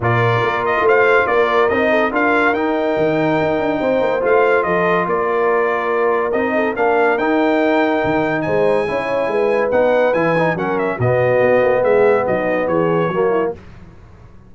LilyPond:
<<
  \new Staff \with { instrumentName = "trumpet" } { \time 4/4 \tempo 4 = 142 d''4. dis''8 f''4 d''4 | dis''4 f''4 g''2~ | g''2 f''4 dis''4 | d''2. dis''4 |
f''4 g''2. | gis''2. fis''4 | gis''4 fis''8 e''8 dis''2 | e''4 dis''4 cis''2 | }
  \new Staff \with { instrumentName = "horn" } { \time 4/4 ais'2 c''4 ais'4~ | ais'8 a'8 ais'2.~ | ais'4 c''2 a'4 | ais'2.~ ais'8 a'8 |
ais'1 | c''4 cis''4 b'2~ | b'4 ais'4 fis'2 | gis'4 dis'4 gis'4 fis'8 e'8 | }
  \new Staff \with { instrumentName = "trombone" } { \time 4/4 f'1 | dis'4 f'4 dis'2~ | dis'2 f'2~ | f'2. dis'4 |
d'4 dis'2.~ | dis'4 e'2 dis'4 | e'8 dis'8 cis'4 b2~ | b2. ais4 | }
  \new Staff \with { instrumentName = "tuba" } { \time 4/4 ais,4 ais4 a4 ais4 | c'4 d'4 dis'4 dis4 | dis'8 d'8 c'8 ais8 a4 f4 | ais2. c'4 |
ais4 dis'2 dis4 | gis4 cis'4 gis4 b4 | e4 fis4 b,4 b8 ais8 | gis4 fis4 e4 fis4 | }
>>